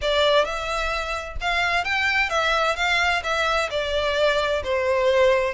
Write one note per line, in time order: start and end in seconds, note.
0.01 0.44 D5
0.44 1.37 E5
1.41 1.84 F5
1.84 2.29 G5
2.29 2.75 E5
2.76 3.22 F5
3.23 3.69 E5
3.70 4.62 D5
4.63 5.54 C5